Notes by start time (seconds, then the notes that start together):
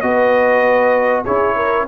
0.00 B3 F#4 B4 D#5
1.24 C#4 E4 G#4 C#5
1.56 A#4